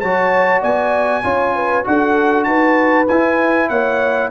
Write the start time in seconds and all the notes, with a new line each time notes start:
0.00 F#3 F#4 C#5 A5
0.61 B3 D5 G#5
1.23 C#4 F4 C#5
1.56 B4
1.84 D4 F#4 A4 F#5
2.44 D#4 B4 A5
3.08 E4 G#5
3.69 A#3 C#5 F#5